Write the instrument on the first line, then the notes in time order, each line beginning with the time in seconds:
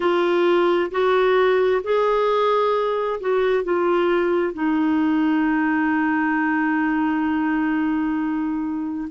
clarinet
0.00 F4
0.91 F#4
1.83 G#4
3.20 F#4
3.63 F4
4.53 D#4